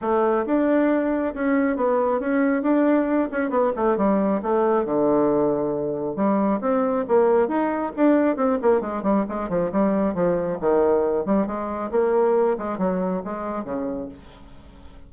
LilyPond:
\new Staff \with { instrumentName = "bassoon" } { \time 4/4 \tempo 4 = 136 a4 d'2 cis'4 | b4 cis'4 d'4. cis'8 | b8 a8 g4 a4 d4~ | d2 g4 c'4 |
ais4 dis'4 d'4 c'8 ais8 | gis8 g8 gis8 f8 g4 f4 | dis4. g8 gis4 ais4~ | ais8 gis8 fis4 gis4 cis4 | }